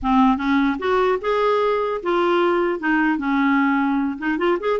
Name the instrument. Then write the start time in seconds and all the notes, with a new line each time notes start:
clarinet
0.02 C4
0.37 C#4
0.79 F#4
1.21 G#4
2.02 F4
2.79 D#4
3.17 C#4
4.18 D#4
4.38 F4
4.59 G#4